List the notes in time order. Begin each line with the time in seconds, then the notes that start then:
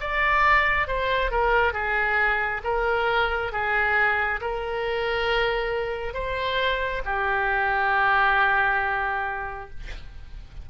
0.00 D5
0.87 C5
1.31 A#4
1.73 G#4
2.64 A#4
3.52 G#4
4.40 A#4
6.14 C5
7.05 G4